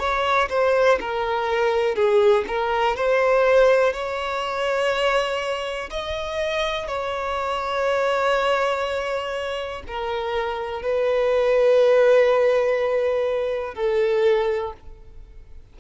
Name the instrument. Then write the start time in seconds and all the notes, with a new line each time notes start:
violin
0.00 C#5
0.50 C5
1.01 A#4
1.96 G#4
2.48 A#4
2.96 C5
3.93 C#5
5.91 D#5
6.88 C#5
9.88 A#4
10.82 B4
13.75 A4